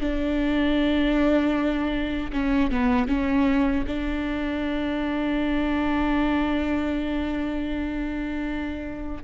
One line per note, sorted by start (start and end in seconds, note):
0.00 2.31 D4
2.32 2.70 C#4
2.71 3.07 B3
3.07 3.84 C#4
3.86 9.23 D4